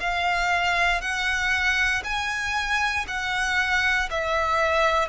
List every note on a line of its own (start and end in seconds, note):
0.00 1.01 F5
1.01 2.03 F#5
2.04 3.06 G#5
3.07 4.09 F#5
4.10 5.08 E5